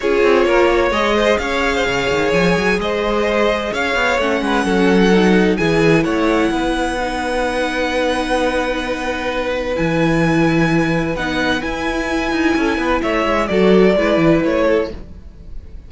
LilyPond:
<<
  \new Staff \with { instrumentName = "violin" } { \time 4/4 \tempo 4 = 129 cis''2 dis''4 f''4~ | f''4 gis''4 dis''2 | f''4 fis''2. | gis''4 fis''2.~ |
fis''1~ | fis''4 gis''2. | fis''4 gis''2. | e''4 d''2 cis''4 | }
  \new Staff \with { instrumentName = "violin" } { \time 4/4 gis'4 ais'8 cis''4 c''8 cis''8. c''16 | cis''2 c''2 | cis''4. b'8 a'2 | gis'4 cis''4 b'2~ |
b'1~ | b'1~ | b'2. a'8 b'8 | cis''4 a'4 b'4. a'8 | }
  \new Staff \with { instrumentName = "viola" } { \time 4/4 f'2 gis'2~ | gis'1~ | gis'4 cis'2 dis'4 | e'2. dis'4~ |
dis'1~ | dis'4 e'2. | dis'4 e'2.~ | e'4 fis'4 e'2 | }
  \new Staff \with { instrumentName = "cello" } { \time 4/4 cis'8 c'8 ais4 gis4 cis'4 | cis8 dis8 f8 fis8 gis2 | cis'8 b8 a8 gis8 fis2 | e4 a4 b2~ |
b1~ | b4 e2. | b4 e'4. dis'8 cis'8 b8 | a8 gis8 fis4 gis8 e8 a4 | }
>>